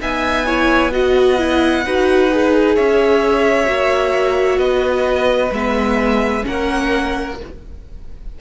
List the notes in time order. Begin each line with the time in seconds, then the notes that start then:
0.00 B3 D#4 E5 G#5
0.46 E4 C#5
0.92 F#4 D#5 F#5
1.38 E4
1.86 D#4 F#4 B4
2.32 G#4
2.76 C#4 C#5 E5
3.66 A#3 F#4
4.58 B3 B4 D#5
5.52 G#3 B3 E5
6.43 A#3 C#4 A#4 F#5